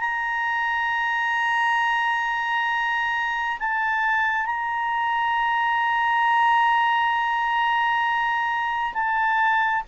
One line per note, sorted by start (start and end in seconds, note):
0.00 3.58 A#5
3.59 4.45 A5
4.45 8.93 A#5
8.93 9.83 A5